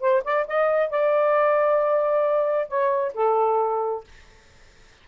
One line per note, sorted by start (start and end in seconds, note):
0.00 0.23 C5
0.23 0.46 D5
0.47 0.90 D#5
0.90 2.68 D5
2.68 3.13 C#5
3.14 4.04 A4